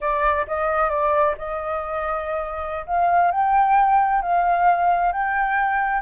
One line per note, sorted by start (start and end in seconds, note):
0.00 0.46 D5
0.47 0.89 D#5
0.89 1.35 D5
1.38 2.86 D#5
2.86 3.31 F5
3.31 4.21 G5
4.21 5.12 F5
5.12 6.01 G5